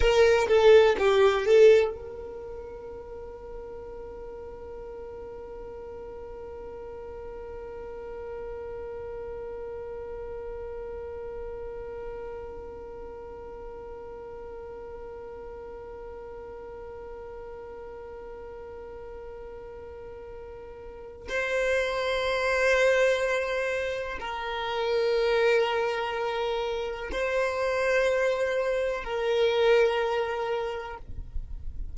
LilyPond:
\new Staff \with { instrumentName = "violin" } { \time 4/4 \tempo 4 = 62 ais'8 a'8 g'8 a'8 ais'2~ | ais'1~ | ais'1~ | ais'1~ |
ais'1~ | ais'2 c''2~ | c''4 ais'2. | c''2 ais'2 | }